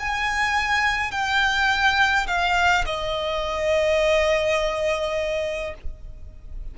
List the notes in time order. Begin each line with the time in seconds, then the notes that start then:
0.00 G#5
1.11 G5
2.27 F5
2.86 D#5